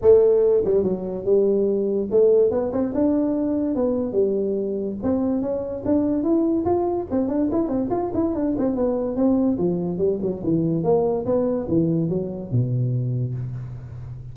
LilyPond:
\new Staff \with { instrumentName = "tuba" } { \time 4/4 \tempo 4 = 144 a4. g8 fis4 g4~ | g4 a4 b8 c'8 d'4~ | d'4 b4 g2 | c'4 cis'4 d'4 e'4 |
f'4 c'8 d'8 e'8 c'8 f'8 e'8 | d'8 c'8 b4 c'4 f4 | g8 fis8 e4 ais4 b4 | e4 fis4 b,2 | }